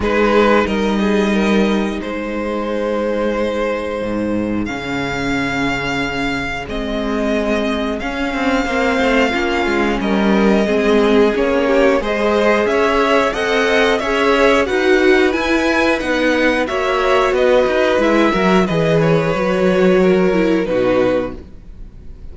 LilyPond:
<<
  \new Staff \with { instrumentName = "violin" } { \time 4/4 \tempo 4 = 90 b'4 dis''2 c''4~ | c''2. f''4~ | f''2 dis''2 | f''2. dis''4~ |
dis''4 cis''4 dis''4 e''4 | fis''4 e''4 fis''4 gis''4 | fis''4 e''4 dis''4 e''4 | dis''8 cis''2~ cis''8 b'4 | }
  \new Staff \with { instrumentName = "violin" } { \time 4/4 gis'4 ais'8 gis'8 ais'4 gis'4~ | gis'1~ | gis'1~ | gis'4 c''4 f'4 ais'4 |
gis'4. g'8 c''4 cis''4 | dis''4 cis''4 b'2~ | b'4 cis''4 b'4. ais'8 | b'2 ais'4 fis'4 | }
  \new Staff \with { instrumentName = "viola" } { \time 4/4 dis'1~ | dis'2. cis'4~ | cis'2 c'2 | cis'4 c'4 cis'2 |
c'4 cis'4 gis'2 | a'4 gis'4 fis'4 e'4 | dis'4 fis'2 e'8 fis'8 | gis'4 fis'4. e'8 dis'4 | }
  \new Staff \with { instrumentName = "cello" } { \time 4/4 gis4 g2 gis4~ | gis2 gis,4 cis4~ | cis2 gis2 | cis'8 c'8 ais8 a8 ais8 gis8 g4 |
gis4 ais4 gis4 cis'4 | c'4 cis'4 dis'4 e'4 | b4 ais4 b8 dis'8 gis8 fis8 | e4 fis2 b,4 | }
>>